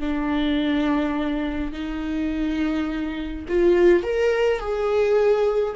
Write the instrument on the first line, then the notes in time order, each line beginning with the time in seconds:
viola
0.00 D4
1.73 D#4
3.49 F4
4.03 A#4
4.59 G#4